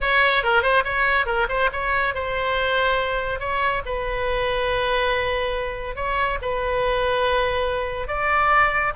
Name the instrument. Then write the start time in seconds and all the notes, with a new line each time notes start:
oboe
0.00 C#5
0.43 A#4
0.62 C5
0.84 C#5
1.26 A#4
1.48 C5
1.72 C#5
2.14 C5
3.39 C#5
3.85 B4
5.95 C#5
6.41 B4
8.07 D5